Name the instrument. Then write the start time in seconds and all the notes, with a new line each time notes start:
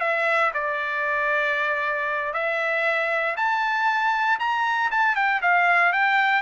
trumpet
0.00 E5
0.54 D5
2.33 E5
3.36 A5
4.39 A#5
4.91 A5
5.15 G5
5.41 F5
5.92 G5